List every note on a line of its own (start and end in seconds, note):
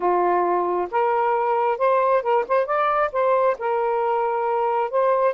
0.00 0.88 F4
0.91 1.78 A#4
1.78 2.22 C5
2.22 2.44 A#4
2.48 2.66 C5
2.66 3.10 D5
3.12 3.57 C5
3.58 4.90 A#4
4.90 5.34 C5